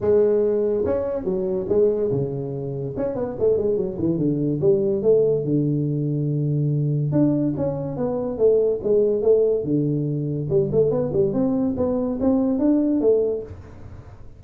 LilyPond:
\new Staff \with { instrumentName = "tuba" } { \time 4/4 \tempo 4 = 143 gis2 cis'4 fis4 | gis4 cis2 cis'8 b8 | a8 gis8 fis8 e8 d4 g4 | a4 d2.~ |
d4 d'4 cis'4 b4 | a4 gis4 a4 d4~ | d4 g8 a8 b8 g8 c'4 | b4 c'4 d'4 a4 | }